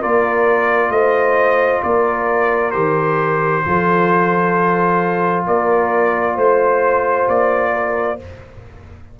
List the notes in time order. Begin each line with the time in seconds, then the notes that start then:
0.00 A#3 F4 A#4 D5
0.90 A3 C5 D#5
1.83 A#3 A#4 D5
2.71 D#3 G4 C5
3.65 F3 F4 A4
5.47 A#3 A#4 D5
6.35 A3 C5
7.28 A#3 D5
7.73 A#4